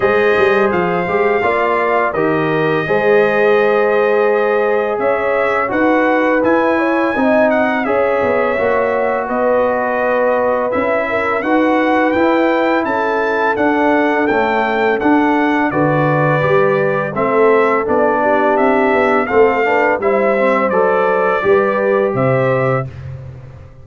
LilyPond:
<<
  \new Staff \with { instrumentName = "trumpet" } { \time 4/4 \tempo 4 = 84 dis''4 f''2 dis''4~ | dis''2. e''4 | fis''4 gis''4. fis''8 e''4~ | e''4 dis''2 e''4 |
fis''4 g''4 a''4 fis''4 | g''4 fis''4 d''2 | e''4 d''4 e''4 f''4 | e''4 d''2 e''4 | }
  \new Staff \with { instrumentName = "horn" } { \time 4/4 c''2 d''4 ais'4 | c''2. cis''4 | b'4. cis''8 dis''4 cis''4~ | cis''4 b'2~ b'8 ais'8 |
b'2 a'2~ | a'2 b'2 | a'4. g'4. a'8 b'8 | c''2 b'4 c''4 | }
  \new Staff \with { instrumentName = "trombone" } { \time 4/4 gis'4. g'8 f'4 g'4 | gis'1 | fis'4 e'4 dis'4 gis'4 | fis'2. e'4 |
fis'4 e'2 d'4 | a4 d'4 fis'4 g'4 | c'4 d'2 c'8 d'8 | e'8 c'8 a'4 g'2 | }
  \new Staff \with { instrumentName = "tuba" } { \time 4/4 gis8 g8 f8 gis8 ais4 dis4 | gis2. cis'4 | dis'4 e'4 c'4 cis'8 b8 | ais4 b2 cis'4 |
dis'4 e'4 cis'4 d'4 | cis'4 d'4 d4 g4 | a4 b4 c'8 b8 a4 | g4 fis4 g4 c4 | }
>>